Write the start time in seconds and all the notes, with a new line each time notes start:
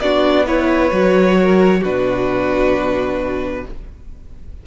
0.00 B3 D4 F#4 D5
0.46 E4 B4 C#5
0.91 F#3 F#4
1.41 A#4
1.79 B2 D4 F#4 B4